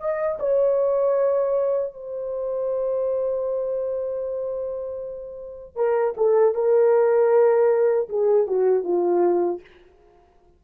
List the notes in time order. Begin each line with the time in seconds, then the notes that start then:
0.00 D#5
0.40 C#5
1.94 C5
5.76 A#4
6.17 A4
6.55 A#4
8.09 G#4
8.48 F#4
8.84 F4